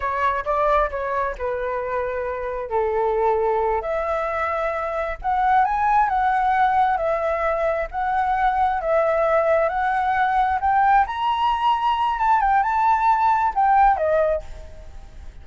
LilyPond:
\new Staff \with { instrumentName = "flute" } { \time 4/4 \tempo 4 = 133 cis''4 d''4 cis''4 b'4~ | b'2 a'2~ | a'8 e''2. fis''8~ | fis''8 gis''4 fis''2 e''8~ |
e''4. fis''2 e''8~ | e''4. fis''2 g''8~ | g''8 ais''2~ ais''8 a''8 g''8 | a''2 g''4 dis''4 | }